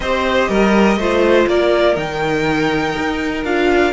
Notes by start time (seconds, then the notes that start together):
0.00 C4 G4 C5 D#5
0.48 G3 A#4
0.96 A3 F4 C5
1.47 A#3 A#4 D5
1.95 D#3 D#4 G5
2.97 D#4
3.44 D4 F4 F5